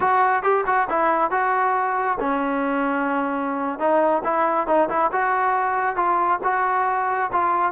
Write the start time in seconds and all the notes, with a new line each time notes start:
0.00 F#4
0.42 G4
0.66 F#4
0.89 E4
1.30 F#4
2.20 C#4
3.79 D#4
4.24 E4
4.67 D#4
4.89 E4
5.12 F#4
5.95 F4
6.43 F#4
7.32 F4